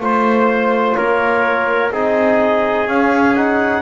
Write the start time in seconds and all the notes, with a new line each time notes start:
0.00 A3 F4 C5
0.96 A#3 A#4 C#5
1.91 C4 D#4 G#4 D#5
2.86 C#4 F5
3.35 D#4 F#5